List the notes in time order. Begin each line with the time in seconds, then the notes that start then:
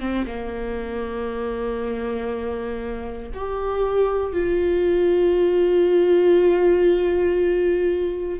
0.00 C4
0.26 A#3
3.34 G4
4.33 F4